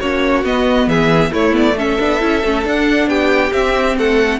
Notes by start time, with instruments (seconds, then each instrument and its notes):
0.00 cello A#3, viola C#4, violin F#4 C#5
0.43 cello B3, viola B3, violin D#5
0.87 cello E3, violin G#4 E5
1.32 cello A3, viola A3, violin E4 C#5
1.52 viola B3, violin D5
1.77 viola C#4, violin A4 E5
1.99 cello B3, viola D4
2.20 cello C#4, viola E4
2.44 cello A3, viola C#4
2.63 viola D4, cello D4, violin F#5
3.07 cello B3, violin G4 G5
3.52 viola C4, cello C4, violin E5
3.97 cello A3, violin A4 F#5